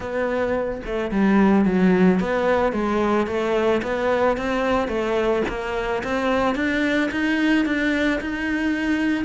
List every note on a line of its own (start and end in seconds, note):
0.00 0.81 B3
0.85 1.11 A3
1.11 1.65 G3
1.65 2.20 F#3
2.20 2.72 B3
2.72 3.27 G#3
3.27 3.81 A3
3.82 4.37 B3
4.37 4.88 C4
4.88 5.42 A3
5.48 6.02 A#3
6.03 6.55 C4
6.55 7.10 D4
7.11 7.65 D#4
7.65 8.20 D4
8.20 9.25 D#4